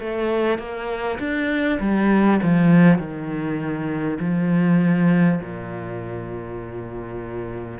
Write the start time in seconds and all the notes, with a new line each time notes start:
0.00 A3
0.59 A#3
1.19 D4
1.81 G3
2.43 F3
2.98 D#3
4.20 F3
5.41 A#2